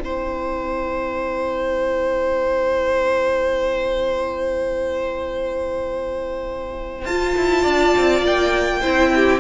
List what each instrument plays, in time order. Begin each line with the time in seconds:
0.00 cello C4, viola E4, violin C5 G5
7.05 cello F4, viola F4, violin A5
7.37 cello E4
7.63 cello D4, violin D5
7.97 cello C4
8.22 cello A#3, violin G5
8.81 cello C4, viola E4, violin C5
9.15 violin G4